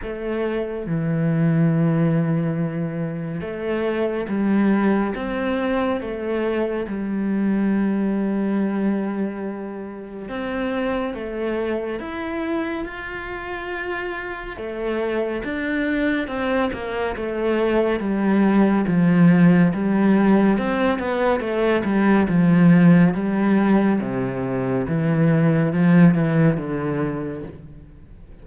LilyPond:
\new Staff \with { instrumentName = "cello" } { \time 4/4 \tempo 4 = 70 a4 e2. | a4 g4 c'4 a4 | g1 | c'4 a4 e'4 f'4~ |
f'4 a4 d'4 c'8 ais8 | a4 g4 f4 g4 | c'8 b8 a8 g8 f4 g4 | c4 e4 f8 e8 d4 | }